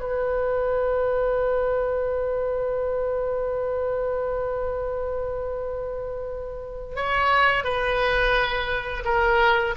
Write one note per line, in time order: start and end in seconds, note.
0.00 6.96 B4
6.96 7.64 C#5
7.64 9.03 B4
9.05 9.75 A#4